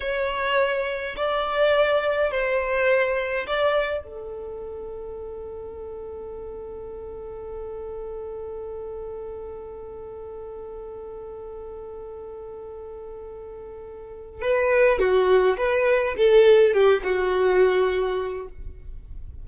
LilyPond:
\new Staff \with { instrumentName = "violin" } { \time 4/4 \tempo 4 = 104 cis''2 d''2 | c''2 d''4 a'4~ | a'1~ | a'1~ |
a'1~ | a'1~ | a'4 b'4 fis'4 b'4 | a'4 g'8 fis'2~ fis'8 | }